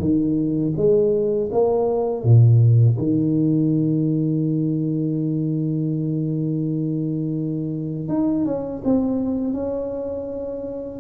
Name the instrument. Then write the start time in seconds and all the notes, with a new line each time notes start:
tuba
0.00 D#3
0.77 G#3
1.52 A#3
2.24 A#2
2.98 D#3
8.09 D#4
8.45 C#4
8.85 C4
9.54 C#4